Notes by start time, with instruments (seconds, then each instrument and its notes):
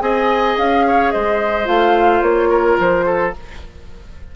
0.00 bassoon C4, clarinet G#4, oboe D#5, flute G#5
0.58 bassoon C#4, flute F5
0.87 oboe C#5
1.11 bassoon G#3, oboe C5, flute D#5
1.65 bassoon A3, clarinet F4, flute F5
2.22 bassoon A#3, flute C#5
2.49 oboe A#4
2.80 bassoon F3, flute C5
3.06 oboe A4